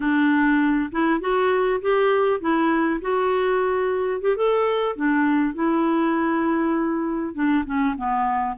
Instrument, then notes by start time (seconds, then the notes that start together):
clarinet
0.00 D4
0.91 E4
1.20 F#4
1.81 G4
2.40 E4
3.01 F#4
4.21 G4
4.36 A4
4.96 D4
5.54 E4
7.34 D4
7.65 C#4
7.97 B3